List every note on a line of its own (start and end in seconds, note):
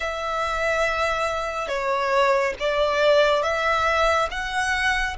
0.00 1.68 E5
1.68 2.53 C#5
2.59 3.42 D5
3.42 4.28 E5
4.31 5.16 F#5